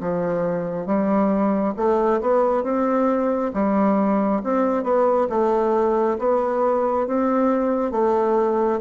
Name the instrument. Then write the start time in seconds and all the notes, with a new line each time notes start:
bassoon
0.00 F3
0.86 G3
1.76 A3
2.21 B3
2.64 C4
3.53 G3
4.44 C4
4.83 B3
5.29 A3
6.18 B3
7.07 C4
7.91 A3